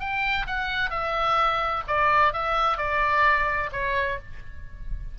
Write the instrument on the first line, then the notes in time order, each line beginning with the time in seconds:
oboe
0.00 G5
0.47 F#5
0.91 E5
1.88 D5
2.33 E5
2.78 D5
3.73 C#5